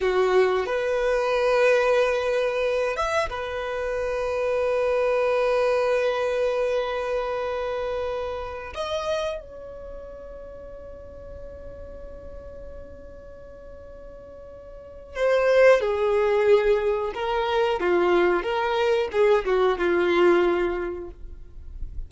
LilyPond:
\new Staff \with { instrumentName = "violin" } { \time 4/4 \tempo 4 = 91 fis'4 b'2.~ | b'8 e''8 b'2.~ | b'1~ | b'4~ b'16 dis''4 cis''4.~ cis''16~ |
cis''1~ | cis''2. c''4 | gis'2 ais'4 f'4 | ais'4 gis'8 fis'8 f'2 | }